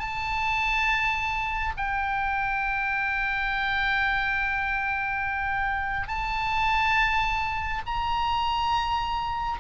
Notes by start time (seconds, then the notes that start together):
0.00 A5
1.77 G5
6.08 A5
7.87 A#5